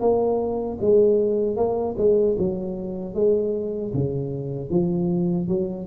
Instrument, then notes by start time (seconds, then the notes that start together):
tuba
0.00 A#3
0.81 G#3
1.56 A#3
1.98 G#3
2.38 F#3
3.14 G#3
3.94 C#3
4.70 F3
5.48 F#3